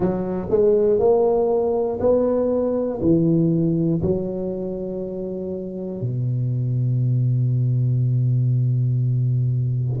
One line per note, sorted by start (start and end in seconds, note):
0.00 0.47 F#3
0.50 0.99 G#3
0.99 1.99 A#3
2.00 3.00 B3
3.01 4.01 E3
4.01 6.00 F#3
6.00 10.00 B2